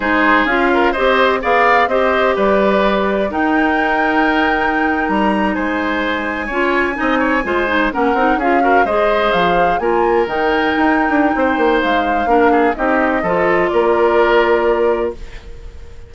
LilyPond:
<<
  \new Staff \with { instrumentName = "flute" } { \time 4/4 \tempo 4 = 127 c''4 f''4 dis''4 f''4 | dis''4 d''2 g''4~ | g''2~ g''8. ais''4 gis''16~ | gis''1~ |
gis''8. fis''4 f''4 dis''4 f''16~ | f''8. gis''4 g''2~ g''16~ | g''4 f''2 dis''4~ | dis''4 d''2. | }
  \new Staff \with { instrumentName = "oboe" } { \time 4/4 gis'4. ais'8 c''4 d''4 | c''4 b'2 ais'4~ | ais'2.~ ais'8. c''16~ | c''4.~ c''16 cis''4 dis''8 cis''8 c''16~ |
c''8. ais'4 gis'8 ais'8 c''4~ c''16~ | c''8. ais'2.~ ais'16 | c''2 ais'8 gis'8 g'4 | a'4 ais'2. | }
  \new Staff \with { instrumentName = "clarinet" } { \time 4/4 dis'4 f'4 g'4 gis'4 | g'2. dis'4~ | dis'1~ | dis'4.~ dis'16 f'4 dis'4 f'16~ |
f'16 dis'8 cis'8 dis'8 f'8 fis'8 gis'4~ gis'16~ | gis'8. f'4 dis'2~ dis'16~ | dis'2 d'4 dis'4 | f'1 | }
  \new Staff \with { instrumentName = "bassoon" } { \time 4/4 gis4 cis'4 c'4 b4 | c'4 g2 dis'4~ | dis'2~ dis'8. g4 gis16~ | gis4.~ gis16 cis'4 c'4 gis16~ |
gis8. ais8 c'8 cis'4 gis4 f16~ | f8. ais4 dis4 dis'8. d'8 | c'8 ais8 gis4 ais4 c'4 | f4 ais2. | }
>>